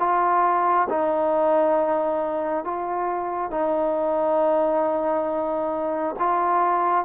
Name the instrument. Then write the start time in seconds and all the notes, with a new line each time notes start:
trombone
0.00 F4
0.90 D#4
2.65 F4
3.51 D#4
6.19 F4